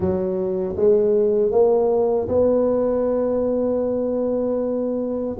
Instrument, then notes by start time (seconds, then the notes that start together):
tuba
0.00 F#3
0.76 G#3
1.51 A#3
2.28 B3